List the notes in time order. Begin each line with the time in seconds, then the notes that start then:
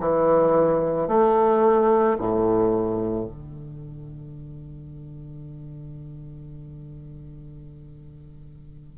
0.00 E3
1.08 A3
2.19 A2
3.26 D3